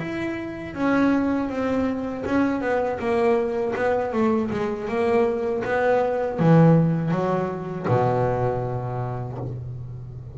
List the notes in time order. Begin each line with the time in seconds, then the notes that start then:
0.00 E4
0.75 C#4
1.50 C4
2.26 C#4
2.62 B3
2.99 A#3
3.76 B3
4.14 A3
4.51 G#3
4.89 A#3
5.65 B3
6.40 E3
7.11 F#3
7.89 B2